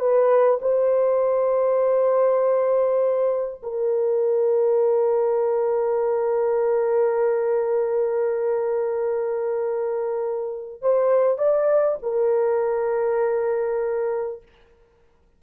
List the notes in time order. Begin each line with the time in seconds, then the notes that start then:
0.00 B4
0.62 C5
3.63 A#4
10.82 C5
11.38 D5
12.03 A#4